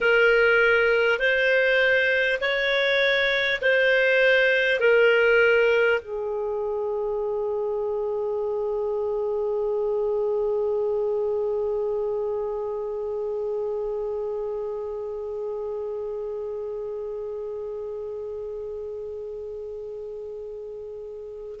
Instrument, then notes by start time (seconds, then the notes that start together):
clarinet
0.01 A#4
1.19 C5
2.40 C#5
3.61 C5
4.79 A#4
6.00 G#4